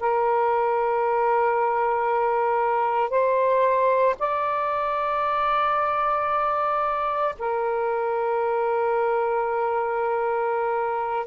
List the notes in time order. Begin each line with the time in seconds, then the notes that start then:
0.00 A#4
3.10 C5
4.19 D5
7.39 A#4